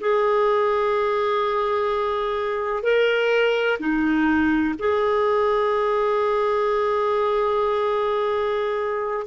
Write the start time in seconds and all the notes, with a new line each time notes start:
0.00 G#4
2.83 A#4
3.79 D#4
4.79 G#4